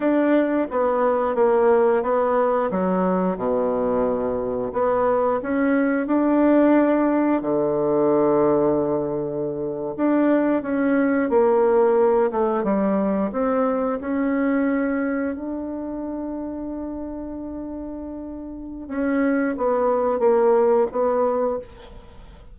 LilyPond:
\new Staff \with { instrumentName = "bassoon" } { \time 4/4 \tempo 4 = 89 d'4 b4 ais4 b4 | fis4 b,2 b4 | cis'4 d'2 d4~ | d2~ d8. d'4 cis'16~ |
cis'8. ais4. a8 g4 c'16~ | c'8. cis'2 d'4~ d'16~ | d'1 | cis'4 b4 ais4 b4 | }